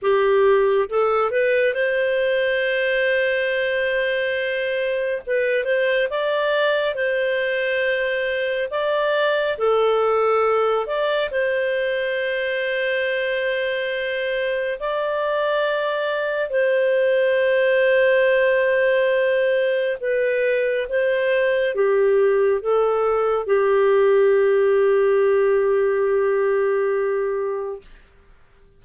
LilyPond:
\new Staff \with { instrumentName = "clarinet" } { \time 4/4 \tempo 4 = 69 g'4 a'8 b'8 c''2~ | c''2 b'8 c''8 d''4 | c''2 d''4 a'4~ | a'8 d''8 c''2.~ |
c''4 d''2 c''4~ | c''2. b'4 | c''4 g'4 a'4 g'4~ | g'1 | }